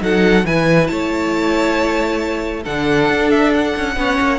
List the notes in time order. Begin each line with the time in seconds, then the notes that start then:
0.00 F#3 D#4 A4 F#5
0.45 E3 E4 B4 G#5
0.87 A3 C#5 A5
2.63 D3 D4 A4 F#5
3.09 D4
3.30 E5
3.54 F#5
3.76 C#4
3.96 B3 C#4 C#5
4.21 A#3